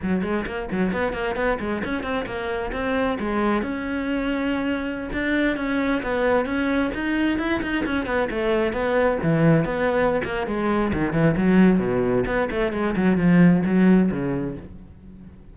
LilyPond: \new Staff \with { instrumentName = "cello" } { \time 4/4 \tempo 4 = 132 fis8 gis8 ais8 fis8 b8 ais8 b8 gis8 | cis'8 c'8 ais4 c'4 gis4 | cis'2.~ cis'16 d'8.~ | d'16 cis'4 b4 cis'4 dis'8.~ |
dis'16 e'8 dis'8 cis'8 b8 a4 b8.~ | b16 e4 b4~ b16 ais8 gis4 | dis8 e8 fis4 b,4 b8 a8 | gis8 fis8 f4 fis4 cis4 | }